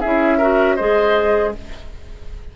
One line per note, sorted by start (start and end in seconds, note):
0.00 0.80 C#4
0.00 0.41 E4
0.00 0.38 G#4
0.00 0.76 E5
0.38 0.79 F#4
0.38 0.76 A#4
0.76 1.56 G#3
0.76 1.55 G#4
0.76 1.52 C5
0.76 1.52 D#5